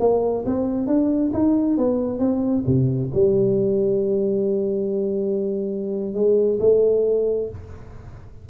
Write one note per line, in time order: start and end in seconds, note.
0.00 0.45 A#3
0.46 0.87 C4
0.87 1.32 D4
1.33 1.78 D#4
1.78 2.19 B3
2.19 2.64 C4
2.66 3.11 C3
3.14 6.14 G3
6.14 6.59 G#3
6.60 7.50 A3